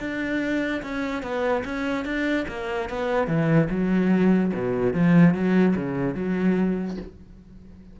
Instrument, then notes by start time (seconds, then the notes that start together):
cello
0.00 D4
0.83 C#4
1.23 B3
1.65 C#4
2.05 D4
2.48 A#3
2.90 B3
3.27 E3
3.70 F#3
4.54 B2
4.94 F3
5.34 F#3
5.76 C#3
6.15 F#3